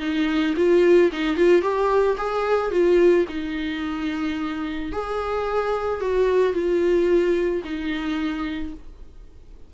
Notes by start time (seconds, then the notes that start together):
0.00 D#4
0.57 F4
1.13 D#4
1.37 F4
1.62 G4
2.18 G#4
2.71 F4
3.29 D#4
4.93 G#4
6.01 F#4
6.54 F4
7.65 D#4